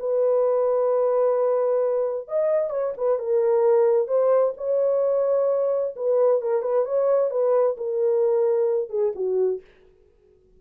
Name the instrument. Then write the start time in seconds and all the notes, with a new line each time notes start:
horn
0.00 B4
2.28 D#5
2.71 C#5
2.98 B4
3.19 A#4
4.08 C5
4.58 C#5
5.96 B4
6.42 A#4
6.63 B4
6.86 C#5
7.31 B4
7.78 A#4
8.90 G#4
9.16 F#4